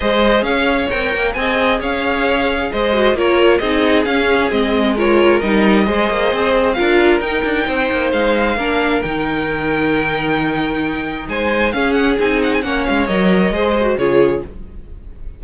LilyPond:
<<
  \new Staff \with { instrumentName = "violin" } { \time 4/4 \tempo 4 = 133 dis''4 f''4 g''4 gis''4 | f''2 dis''4 cis''4 | dis''4 f''4 dis''4 cis''4 | dis''2. f''4 |
g''2 f''2 | g''1~ | g''4 gis''4 f''8 fis''8 gis''8 fis''16 gis''16 | fis''8 f''8 dis''2 cis''4 | }
  \new Staff \with { instrumentName = "violin" } { \time 4/4 c''4 cis''2 dis''4 | cis''2 c''4 ais'4 | gis'2. ais'4~ | ais'4 c''2 ais'4~ |
ais'4 c''2 ais'4~ | ais'1~ | ais'4 c''4 gis'2 | cis''2 c''4 gis'4 | }
  \new Staff \with { instrumentName = "viola" } { \time 4/4 gis'2 ais'4 gis'4~ | gis'2~ gis'8 fis'8 f'4 | dis'4 cis'4 c'4 f'4 | dis'4 gis'2 f'4 |
dis'2. d'4 | dis'1~ | dis'2 cis'4 dis'4 | cis'4 ais'4 gis'8 fis'8 f'4 | }
  \new Staff \with { instrumentName = "cello" } { \time 4/4 gis4 cis'4 c'8 ais8 c'4 | cis'2 gis4 ais4 | c'4 cis'4 gis2 | g4 gis8 ais8 c'4 d'4 |
dis'8 d'8 c'8 ais8 gis4 ais4 | dis1~ | dis4 gis4 cis'4 c'4 | ais8 gis8 fis4 gis4 cis4 | }
>>